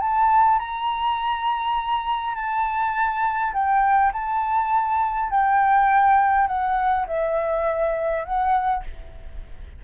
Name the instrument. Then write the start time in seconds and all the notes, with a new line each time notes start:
flute
0.00 A5
0.59 A#5
2.35 A5
3.53 G5
4.13 A5
5.30 G5
6.48 F#5
7.07 E5
8.25 F#5